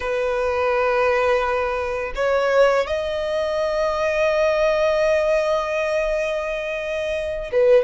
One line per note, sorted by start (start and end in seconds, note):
0.00 2.12 B4
2.15 2.86 C#5
2.86 7.51 D#5
7.52 7.84 B4